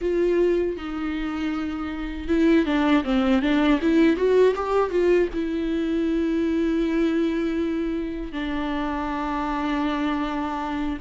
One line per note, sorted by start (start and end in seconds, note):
0.01 0.77 F4
0.77 2.28 D#4
2.28 2.65 E4
2.65 3.03 D4
3.04 3.42 C4
3.42 3.80 D4
3.81 4.16 E4
4.16 4.54 F#4
4.55 4.90 G4
4.90 5.28 F4
5.33 8.32 E4
8.32 10.98 D4